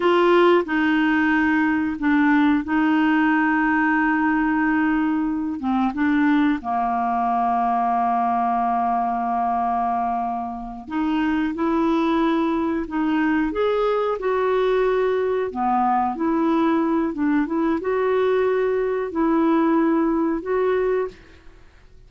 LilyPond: \new Staff \with { instrumentName = "clarinet" } { \time 4/4 \tempo 4 = 91 f'4 dis'2 d'4 | dis'1~ | dis'8 c'8 d'4 ais2~ | ais1~ |
ais8 dis'4 e'2 dis'8~ | dis'8 gis'4 fis'2 b8~ | b8 e'4. d'8 e'8 fis'4~ | fis'4 e'2 fis'4 | }